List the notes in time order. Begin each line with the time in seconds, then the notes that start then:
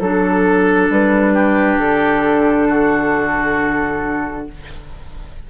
0.00 F#3 D4 A4
0.90 G3 B4
1.34 G4
1.78 D3 A4
2.68 F#4